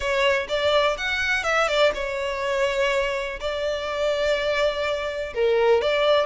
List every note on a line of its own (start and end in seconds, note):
0.00 0.47 C#5
0.48 0.97 D5
0.97 1.43 F#5
1.43 1.68 E5
1.68 1.92 D5
1.94 3.39 C#5
3.40 5.33 D5
5.34 5.81 A#4
5.81 6.26 D5